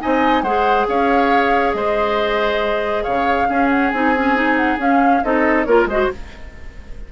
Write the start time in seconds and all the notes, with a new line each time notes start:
0.00 C4 D#4 D#5 G#5
0.42 G#3 G#4 C5 F#5
0.87 C#4 C#5 F5
1.73 G#3 C5 D#5
3.03 C#3 C#5 F5
3.48 C#4 G#4
3.69 F#5
3.90 C4 D#4 G#5
4.15 C#4
4.35 D#4
4.56 F#5
4.77 C#4 F5
5.23 C4 D#4 A4 D#5
5.64 A#3 F4 A#4 C#5
5.85 G#3 F#4 C5 D#5